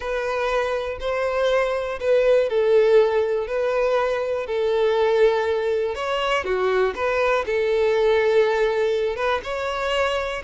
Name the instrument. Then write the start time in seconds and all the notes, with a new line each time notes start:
violin
0.00 B4
1.00 C5
2.00 B4
2.49 A4
3.47 B4
4.46 A4
5.95 C#5
6.44 F#4
6.95 B4
7.45 A4
9.16 B4
9.43 C#5